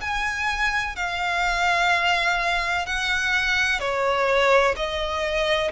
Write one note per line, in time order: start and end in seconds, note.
0.00 0.95 G#5
0.95 2.86 F5
2.86 3.79 F#5
3.79 4.74 C#5
4.76 5.71 D#5